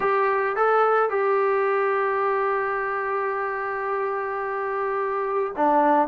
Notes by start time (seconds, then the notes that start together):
0.00 G4
0.56 A4
1.09 G4
5.56 D4